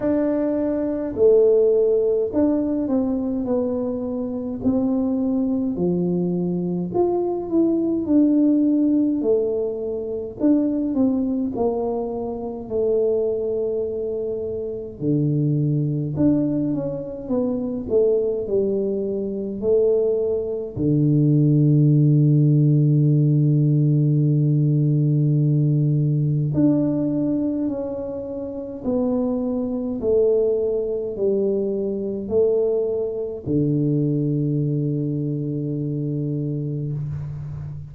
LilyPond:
\new Staff \with { instrumentName = "tuba" } { \time 4/4 \tempo 4 = 52 d'4 a4 d'8 c'8 b4 | c'4 f4 f'8 e'8 d'4 | a4 d'8 c'8 ais4 a4~ | a4 d4 d'8 cis'8 b8 a8 |
g4 a4 d2~ | d2. d'4 | cis'4 b4 a4 g4 | a4 d2. | }